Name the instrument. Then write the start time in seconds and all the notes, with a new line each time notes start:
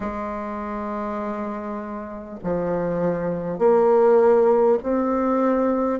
bassoon
0.00 G#3
2.43 F3
3.58 A#3
4.82 C4